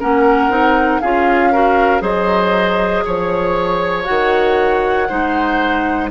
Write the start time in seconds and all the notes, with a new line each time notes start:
0.00 A#3 C#4 A#4 F#5
0.50 C4 D#4
1.00 C#4 F4 G#4 F5
1.53 F#4 A#4
2.01 F#3 G#4 C5 D#5
3.05 F3 C#5
4.05 D#3 F#4 F#5
5.09 G#3 D#4 C5